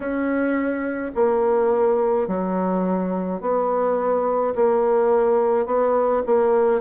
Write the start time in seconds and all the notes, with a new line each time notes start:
0.00 C#4
1.14 A#3
2.27 F#3
3.41 B3
4.55 A#3
5.66 B3
6.26 A#3